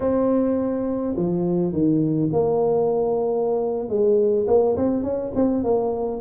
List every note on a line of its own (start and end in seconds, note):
0.00 1.15 C4
1.16 1.72 F3
1.72 2.30 D#3
2.32 3.88 A#3
3.88 4.46 G#3
4.47 4.76 A#3
4.76 5.03 C4
5.03 5.32 C#4
5.35 5.63 C4
5.63 6.21 A#3